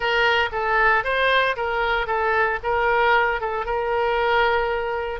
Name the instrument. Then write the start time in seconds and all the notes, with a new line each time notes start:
oboe
0.00 A#4
0.52 A4
1.03 C5
1.56 A#4
2.07 A4
2.63 A#4
3.41 A4
3.65 A#4